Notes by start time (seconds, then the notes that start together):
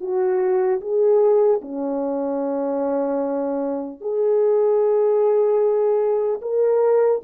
0.00 F#4
0.81 G#4
1.61 C#4
4.01 G#4
6.41 A#4